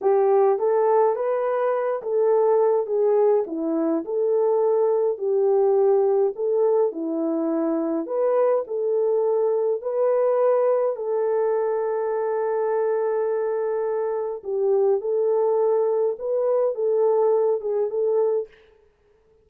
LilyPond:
\new Staff \with { instrumentName = "horn" } { \time 4/4 \tempo 4 = 104 g'4 a'4 b'4. a'8~ | a'4 gis'4 e'4 a'4~ | a'4 g'2 a'4 | e'2 b'4 a'4~ |
a'4 b'2 a'4~ | a'1~ | a'4 g'4 a'2 | b'4 a'4. gis'8 a'4 | }